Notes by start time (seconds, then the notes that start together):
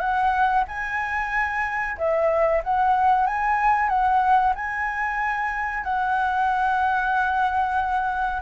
0.00 F#5
0.68 G#5
1.98 E5
2.64 F#5
3.27 G#5
3.89 F#5
4.55 G#5
5.84 F#5